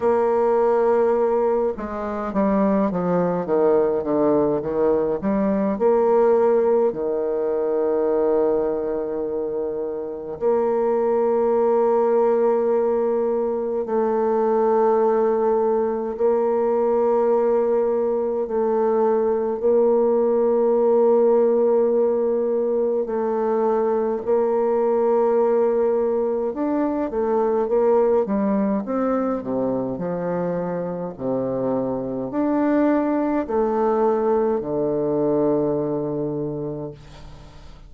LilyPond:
\new Staff \with { instrumentName = "bassoon" } { \time 4/4 \tempo 4 = 52 ais4. gis8 g8 f8 dis8 d8 | dis8 g8 ais4 dis2~ | dis4 ais2. | a2 ais2 |
a4 ais2. | a4 ais2 d'8 a8 | ais8 g8 c'8 c8 f4 c4 | d'4 a4 d2 | }